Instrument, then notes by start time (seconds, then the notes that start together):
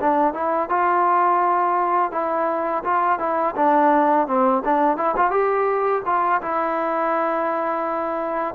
trombone
0.00 D4
0.33 E4
0.69 F4
2.11 E4
2.84 F4
3.19 E4
3.55 D4
4.27 C4
4.64 D4
4.97 E4
5.16 F4
5.31 G4
6.05 F4
6.41 E4